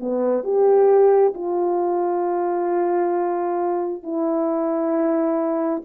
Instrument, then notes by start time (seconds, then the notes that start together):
horn
0.00 B3
0.44 G4
1.34 F4
4.03 E4